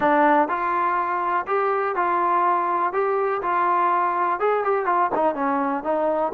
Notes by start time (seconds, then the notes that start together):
0.00 D4
0.48 F4
1.46 G4
1.95 F4
2.93 G4
3.41 F4
4.39 G#4
4.64 G4
4.85 F4
5.14 D#4
5.34 C#4
5.83 D#4